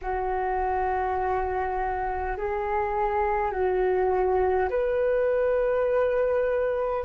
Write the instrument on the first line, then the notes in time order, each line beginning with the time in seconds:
flute
0.01 F#4
2.37 G#4
3.51 F#4
4.70 B4